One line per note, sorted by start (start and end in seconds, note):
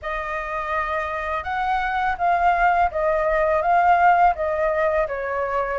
0.02 1.43 D#5
1.43 2.16 F#5
2.18 2.90 F5
2.91 3.61 D#5
3.61 4.34 F5
4.35 5.07 D#5
5.07 5.79 C#5